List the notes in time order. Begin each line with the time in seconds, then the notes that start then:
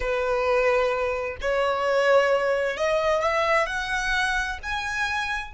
0.00 B4
1.41 C#5
2.77 D#5
3.22 E5
3.66 F#5
4.62 G#5